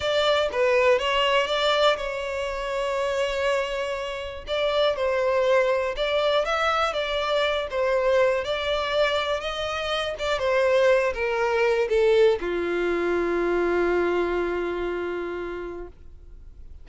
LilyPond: \new Staff \with { instrumentName = "violin" } { \time 4/4 \tempo 4 = 121 d''4 b'4 cis''4 d''4 | cis''1~ | cis''4 d''4 c''2 | d''4 e''4 d''4. c''8~ |
c''4 d''2 dis''4~ | dis''8 d''8 c''4. ais'4. | a'4 f'2.~ | f'1 | }